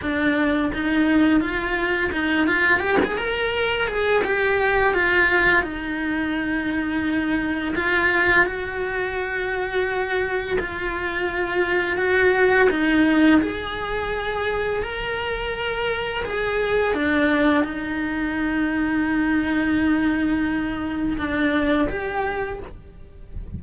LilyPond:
\new Staff \with { instrumentName = "cello" } { \time 4/4 \tempo 4 = 85 d'4 dis'4 f'4 dis'8 f'8 | g'16 gis'16 ais'4 gis'8 g'4 f'4 | dis'2. f'4 | fis'2. f'4~ |
f'4 fis'4 dis'4 gis'4~ | gis'4 ais'2 gis'4 | d'4 dis'2.~ | dis'2 d'4 g'4 | }